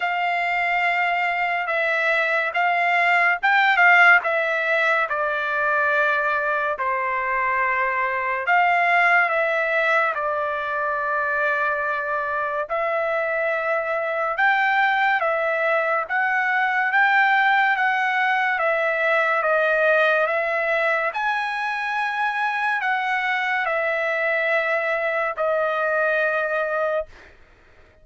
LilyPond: \new Staff \with { instrumentName = "trumpet" } { \time 4/4 \tempo 4 = 71 f''2 e''4 f''4 | g''8 f''8 e''4 d''2 | c''2 f''4 e''4 | d''2. e''4~ |
e''4 g''4 e''4 fis''4 | g''4 fis''4 e''4 dis''4 | e''4 gis''2 fis''4 | e''2 dis''2 | }